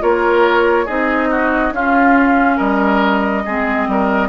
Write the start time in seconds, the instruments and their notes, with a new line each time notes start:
0.00 bassoon A#3, clarinet F4, oboe A#4, flute C#5
0.86 bassoon C4, clarinet D#4, oboe G#4, flute D#5
1.31 oboe F#4
1.72 bassoon C#4, clarinet C#4, oboe F4, flute F5
2.57 bassoon G3, oboe A#4, flute D#5
3.46 bassoon G#3, clarinet C4, oboe G#4
3.88 bassoon G3, oboe A#4